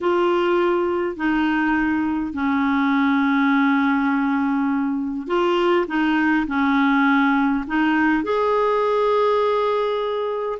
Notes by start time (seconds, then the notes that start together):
0.01 F4
1.16 D#4
2.33 C#4
5.27 F4
5.87 D#4
6.47 C#4
7.67 D#4
8.23 G#4